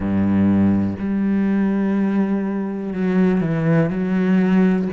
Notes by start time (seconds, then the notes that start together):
0.00 G2
0.99 G3
2.93 F#3
3.41 E3
3.89 F#3